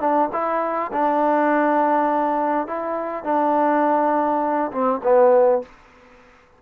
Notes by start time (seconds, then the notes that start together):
0.00 D4
0.32 E4
0.92 D4
2.67 E4
3.24 D4
4.71 C4
5.03 B3